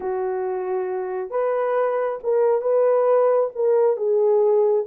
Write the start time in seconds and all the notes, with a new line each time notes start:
0.00 F#4
1.30 B4
2.23 A#4
2.61 B4
3.55 A#4
3.96 G#4